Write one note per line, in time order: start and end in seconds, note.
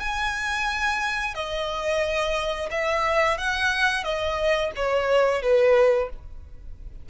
0.00 1.35 G#5
1.35 2.70 D#5
2.71 3.38 E5
3.38 4.04 F#5
4.04 4.71 D#5
4.76 5.42 C#5
5.42 6.09 B4